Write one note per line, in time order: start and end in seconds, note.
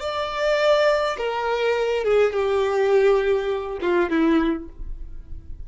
0.00 1.17 D5
1.18 2.04 A#4
2.04 2.33 G#4
2.33 3.79 G4
3.81 4.10 F4
4.10 4.68 E4